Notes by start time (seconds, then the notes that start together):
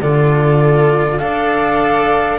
0.00 D3 F4 A4 D5
1.18 D4 A4 D5 F5